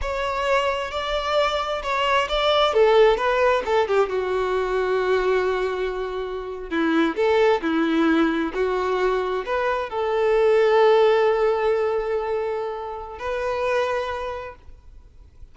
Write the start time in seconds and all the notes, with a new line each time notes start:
0.01 C#5
0.91 D5
1.82 C#5
2.28 D5
2.73 A4
3.17 B4
3.65 A4
3.87 G4
4.09 F#4
6.70 E4
7.15 A4
7.61 E4
8.54 F#4
9.45 B4
9.89 A4
13.18 B4